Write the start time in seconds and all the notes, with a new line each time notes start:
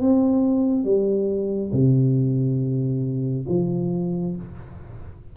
0.00 C4
0.84 G3
1.72 C3
3.49 F3